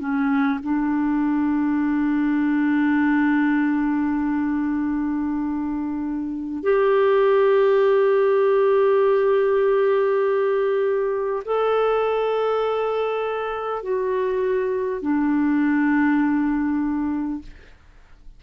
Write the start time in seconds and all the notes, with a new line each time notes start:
0.00 C#4
0.64 D4
6.64 G4
11.45 A4
13.83 F#4
15.02 D4